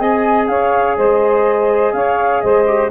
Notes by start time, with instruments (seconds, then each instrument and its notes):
0.00 tuba C4, trombone G#4, saxophone D#5, flute G#5
0.48 tuba C#4, saxophone C#5, flute F5
0.97 tuba G#3, saxophone C5, flute D#5
1.93 tuba C#4, saxophone C#5, flute F5
2.42 tuba G#3, saxophone C5, flute D#5
2.67 trombone G4